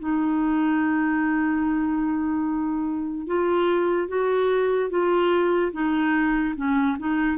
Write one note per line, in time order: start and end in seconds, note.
0.00 3.27 D#4
3.27 4.09 F4
4.09 4.91 F#4
4.91 5.73 F4
5.73 6.55 D#4
6.56 6.98 C#4
6.99 7.38 D#4